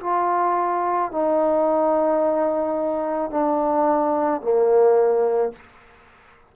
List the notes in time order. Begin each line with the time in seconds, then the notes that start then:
0.00 F4
1.11 D#4
3.31 D4
4.41 A#3